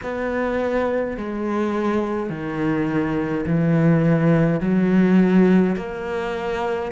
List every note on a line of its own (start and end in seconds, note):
0.03 1.17 B3
1.17 2.29 G#3
2.29 3.45 D#3
3.46 4.60 E3
4.60 5.75 F#3
5.76 6.91 A#3